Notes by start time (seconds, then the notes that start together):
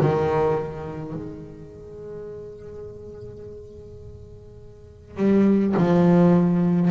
0.00 D#3
1.14 G#3
5.17 G3
5.77 F3